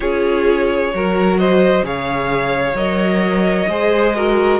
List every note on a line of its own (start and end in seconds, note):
0.00 0.93 C#4
0.00 0.92 F4
0.00 0.92 G#4
0.00 1.37 C#5
0.93 1.82 F#3
0.93 1.83 F#4
0.93 1.39 A#4
1.38 1.85 C5
1.38 1.84 D#5
1.82 2.73 C#3
1.82 2.76 G#4
1.82 3.69 C#5
1.82 2.76 F5
2.73 3.66 F#3
2.73 3.68 A#4
2.73 4.59 D#5
3.68 4.59 G#3
3.68 4.15 G#4
3.68 4.15 C5
4.15 4.59 F#4
4.15 4.59 A#4